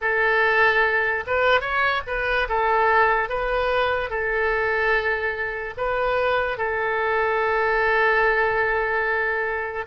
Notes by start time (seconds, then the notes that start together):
0.01 A4
1.27 B4
1.60 C#5
2.07 B4
2.48 A4
3.29 B4
4.09 A4
5.77 B4
6.57 A4